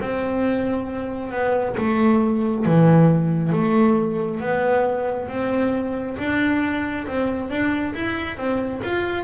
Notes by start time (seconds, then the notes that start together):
0.00 C4
1.31 B3
1.77 A3
2.65 E3
3.53 A3
4.40 B3
5.28 C4
6.18 D4
7.07 C4
7.50 D4
7.94 E4
8.37 C4
8.83 F4